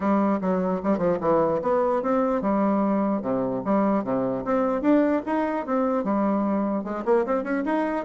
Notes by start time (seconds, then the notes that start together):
0.00 G3
0.41 F#3
0.83 G3
0.98 F3
1.20 E3
1.62 B3
2.02 C4
2.41 G3
3.22 C3
3.64 G3
4.04 C3
4.44 C4
4.81 D4
5.26 D#4
5.66 C4
6.04 G3
6.84 G#3
7.05 A#3
7.25 C4
7.43 C#4
7.65 D#4